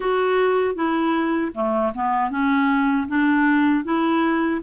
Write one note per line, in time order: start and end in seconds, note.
0.00 0.75 F#4
0.75 1.52 E4
1.54 1.92 A3
1.94 2.30 B3
2.30 3.07 C#4
3.08 3.84 D4
3.84 4.61 E4